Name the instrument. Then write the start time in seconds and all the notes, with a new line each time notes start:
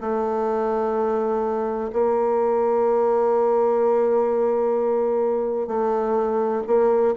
bassoon
0.00 A3
1.92 A#3
5.67 A3
6.67 A#3